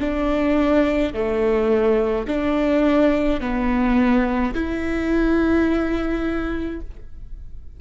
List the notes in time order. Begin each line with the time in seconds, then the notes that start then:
0.00 D4
1.14 A3
2.27 D4
3.41 B3
4.54 E4